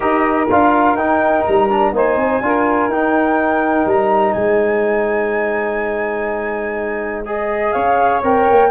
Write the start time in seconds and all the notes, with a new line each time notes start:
0.00 D#4 G4 A#4 D#5
0.49 D4 F4 F5
0.93 D#4 G5
1.45 G3 A#5
1.69 D4
1.92 A#3 D#4 C5 G#5
2.16 C4
2.40 D4 F4 A#4
2.88 D#4 G5
3.85 G3 A#5
4.33 G#3 C5 G#5
7.25 G#4 D#5
7.72 C#4 C#5 F5
8.22 C4 A#4 G5
8.50 A#3